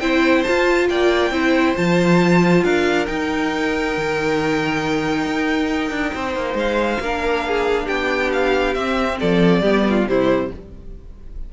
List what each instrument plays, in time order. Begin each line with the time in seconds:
0.00 cello C4, viola E4, violin C5 G5
0.43 viola F4, cello F4, violin A5
0.89 cello A#3, violin D5 G5
1.31 cello C4, viola E4, violin C5
1.76 cello F3, viola F4, violin A5
2.64 cello D4, violin A#4 F5
3.06 viola D#4, cello D#4, violin G5
3.97 cello D#3
5.26 cello D#4
5.91 cello D4
6.15 cello C4, violin C5
6.36 cello A#3
6.54 cello G#3, violin F5
7.00 cello A#3, viola D4, violin A#4
7.48 violin G#4
7.85 cello B3, violin G4 G5
8.33 violin F5
8.74 viola C4, cello C4, violin E5
9.20 cello F3, violin A4 D5
9.62 cello G3, viola B3, violin G4
9.90 violin F4
10.07 cello C3, viola G3, violin E4 C5